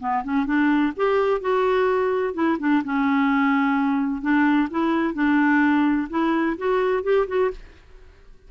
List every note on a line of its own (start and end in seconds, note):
0.00 0.23 B3
0.24 0.46 C#4
0.46 0.93 D4
0.96 1.41 G4
1.41 2.34 F#4
2.34 2.58 E4
2.60 2.83 D4
2.84 4.22 C#4
4.22 4.69 D4
4.70 5.14 E4
5.14 6.08 D4
6.10 6.57 E4
6.58 7.03 F#4
7.03 7.27 G4
7.27 7.51 F#4